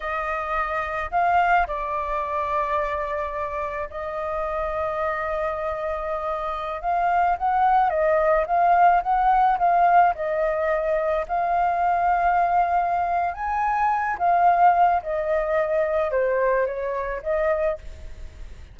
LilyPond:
\new Staff \with { instrumentName = "flute" } { \time 4/4 \tempo 4 = 108 dis''2 f''4 d''4~ | d''2. dis''4~ | dis''1~ | dis''16 f''4 fis''4 dis''4 f''8.~ |
f''16 fis''4 f''4 dis''4.~ dis''16~ | dis''16 f''2.~ f''8. | gis''4. f''4. dis''4~ | dis''4 c''4 cis''4 dis''4 | }